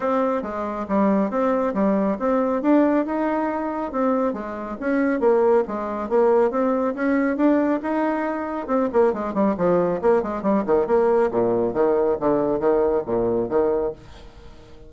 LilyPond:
\new Staff \with { instrumentName = "bassoon" } { \time 4/4 \tempo 4 = 138 c'4 gis4 g4 c'4 | g4 c'4 d'4 dis'4~ | dis'4 c'4 gis4 cis'4 | ais4 gis4 ais4 c'4 |
cis'4 d'4 dis'2 | c'8 ais8 gis8 g8 f4 ais8 gis8 | g8 dis8 ais4 ais,4 dis4 | d4 dis4 ais,4 dis4 | }